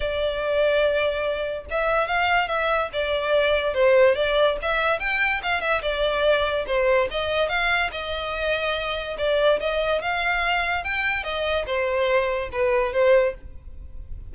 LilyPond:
\new Staff \with { instrumentName = "violin" } { \time 4/4 \tempo 4 = 144 d''1 | e''4 f''4 e''4 d''4~ | d''4 c''4 d''4 e''4 | g''4 f''8 e''8 d''2 |
c''4 dis''4 f''4 dis''4~ | dis''2 d''4 dis''4 | f''2 g''4 dis''4 | c''2 b'4 c''4 | }